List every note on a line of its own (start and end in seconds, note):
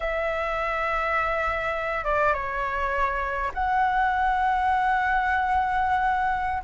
0.00 2.04 E5
2.04 2.33 D5
2.33 3.51 C#5
3.53 6.62 F#5